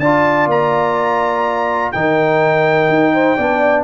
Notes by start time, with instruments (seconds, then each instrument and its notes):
0.00 tuba D4, trombone F4, horn D5, trumpet A5
0.47 tuba A#3, trumpet A#5
1.92 tuba D#3, trombone D#4, horn A#4, trumpet G5
2.89 tuba D#4
3.14 horn C5
3.37 tuba B3, trombone D4, horn D5